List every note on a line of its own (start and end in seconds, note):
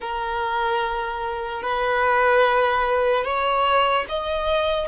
0.00 1.62 A#4
1.62 3.24 B4
3.24 4.05 C#5
4.08 4.87 D#5